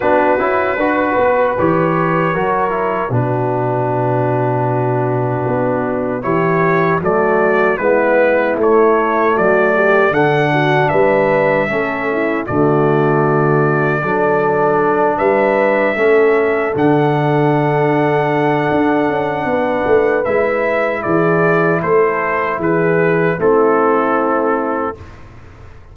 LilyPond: <<
  \new Staff \with { instrumentName = "trumpet" } { \time 4/4 \tempo 4 = 77 b'2 cis''2 | b'1 | cis''4 d''4 b'4 cis''4 | d''4 fis''4 e''2 |
d''2.~ d''8 e''8~ | e''4. fis''2~ fis''8~ | fis''2 e''4 d''4 | c''4 b'4 a'2 | }
  \new Staff \with { instrumentName = "horn" } { \time 4/4 fis'4 b'2 ais'4 | fis'1 | g'4 fis'4 e'2 | fis'8 g'8 a'8 fis'8 b'4 a'8 e'8 |
fis'2 a'4. b'8~ | b'8 a'2.~ a'8~ | a'4 b'2 gis'4 | a'4 gis'4 e'2 | }
  \new Staff \with { instrumentName = "trombone" } { \time 4/4 d'8 e'8 fis'4 g'4 fis'8 e'8 | d'1 | e'4 a4 b4 a4~ | a4 d'2 cis'4 |
a2 d'2~ | d'8 cis'4 d'2~ d'8~ | d'2 e'2~ | e'2 c'2 | }
  \new Staff \with { instrumentName = "tuba" } { \time 4/4 b8 cis'8 d'8 b8 e4 fis4 | b,2. b4 | e4 fis4 gis4 a4 | fis4 d4 g4 a4 |
d2 fis4. g8~ | g8 a4 d2~ d8 | d'8 cis'8 b8 a8 gis4 e4 | a4 e4 a2 | }
>>